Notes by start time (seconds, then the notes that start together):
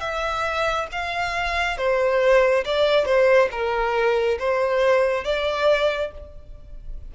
0.00 E5
0.92 F5
1.77 C5
2.65 D5
3.05 C5
3.51 A#4
4.39 C5
5.24 D5